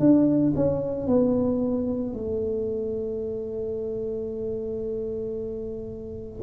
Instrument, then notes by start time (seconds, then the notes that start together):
tuba
0.00 D4
0.56 C#4
1.08 B3
2.14 A3